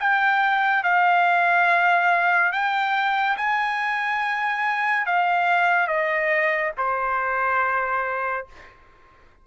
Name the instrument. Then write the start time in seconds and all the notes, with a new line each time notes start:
trumpet
0.00 G5
0.84 F5
2.52 G5
3.37 G#5
5.06 F5
5.88 D#5
6.78 C5